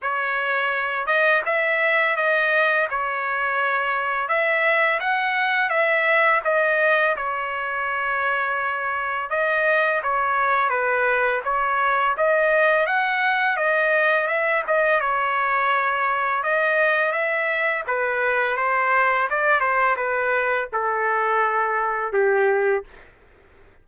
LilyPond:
\new Staff \with { instrumentName = "trumpet" } { \time 4/4 \tempo 4 = 84 cis''4. dis''8 e''4 dis''4 | cis''2 e''4 fis''4 | e''4 dis''4 cis''2~ | cis''4 dis''4 cis''4 b'4 |
cis''4 dis''4 fis''4 dis''4 | e''8 dis''8 cis''2 dis''4 | e''4 b'4 c''4 d''8 c''8 | b'4 a'2 g'4 | }